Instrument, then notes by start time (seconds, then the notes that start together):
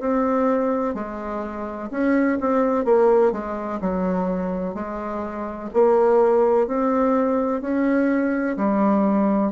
bassoon
0.00 C4
0.94 G#3
1.91 C#4
2.41 C4
2.85 A#3
3.32 G#3
3.81 F#3
4.74 G#3
5.74 A#3
6.67 C4
7.61 C#4
8.57 G3